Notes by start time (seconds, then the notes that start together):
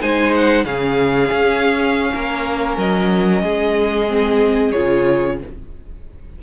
0.00 G#3 D#4 C5 G#5
0.34 F#5
0.64 C#3 C#4 G#4 F5
1.31 C#4
2.14 A#3 A#4
2.77 F#3 D#5
3.43 G#3 G#4
4.07 C4
4.71 C#3 F4 C#5